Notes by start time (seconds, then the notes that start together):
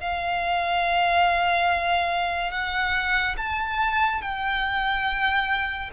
0.00 F5
2.51 F#5
3.37 A5
4.21 G5